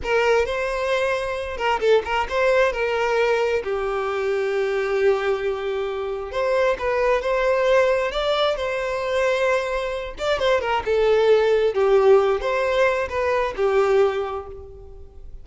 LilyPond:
\new Staff \with { instrumentName = "violin" } { \time 4/4 \tempo 4 = 133 ais'4 c''2~ c''8 ais'8 | a'8 ais'8 c''4 ais'2 | g'1~ | g'2 c''4 b'4 |
c''2 d''4 c''4~ | c''2~ c''8 d''8 c''8 ais'8 | a'2 g'4. c''8~ | c''4 b'4 g'2 | }